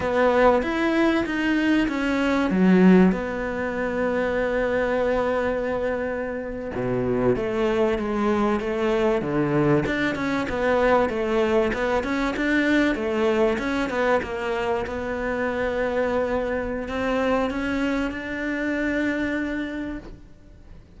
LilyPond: \new Staff \with { instrumentName = "cello" } { \time 4/4 \tempo 4 = 96 b4 e'4 dis'4 cis'4 | fis4 b2.~ | b2~ b8. b,4 a16~ | a8. gis4 a4 d4 d'16~ |
d'16 cis'8 b4 a4 b8 cis'8 d'16~ | d'8. a4 cis'8 b8 ais4 b16~ | b2. c'4 | cis'4 d'2. | }